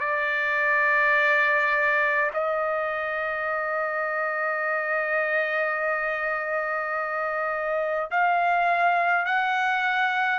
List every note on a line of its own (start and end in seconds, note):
0.00 2.31 D5
2.33 8.10 D#5
8.11 9.25 F5
9.25 10.39 F#5